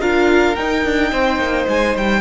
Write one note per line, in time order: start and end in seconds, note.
0.00 0.55 D4
0.00 0.55 F4
0.00 1.11 A#4
0.00 0.56 F5
0.56 2.21 D#4
0.56 0.85 D#4
0.56 1.66 G5
0.85 1.12 D4
1.12 1.39 C4
1.12 2.21 C5
1.39 1.66 A#3
1.68 1.96 G#3
1.68 1.97 G#5
1.96 2.21 G3
1.96 2.21 G5